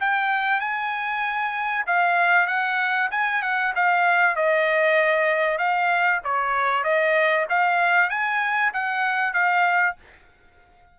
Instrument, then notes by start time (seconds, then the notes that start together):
trumpet
0.00 G5
0.60 G#5
1.87 F5
2.47 F#5
3.11 G#5
3.42 F#5
3.76 F5
4.36 D#5
5.58 F5
6.24 C#5
6.84 D#5
7.49 F5
8.10 G#5
8.74 F#5
9.33 F5